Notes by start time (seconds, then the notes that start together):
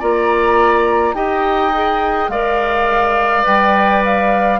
0.00 A#3 F4 D5 A#5
1.14 D#4 G4 D#5 G5
1.73 G#4
2.29 G#3 A#4 D5 F5
3.43 G3 B4 G5
4.05 F5